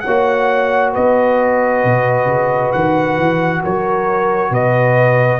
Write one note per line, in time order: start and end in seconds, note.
0.00 0.96 A#3
0.00 0.93 C#5
0.00 0.90 F#5
0.06 5.40 F#4
0.93 1.84 B3
0.93 3.61 B4
0.93 2.72 D#5
1.84 2.25 B2
2.25 2.70 C#3
2.72 3.18 D#3
2.72 3.62 F#5
3.18 3.62 E3
3.63 4.50 F#3
3.63 4.51 A#4
3.63 4.54 C#5
4.50 5.40 B2
4.50 5.40 B4
4.50 5.40 D#5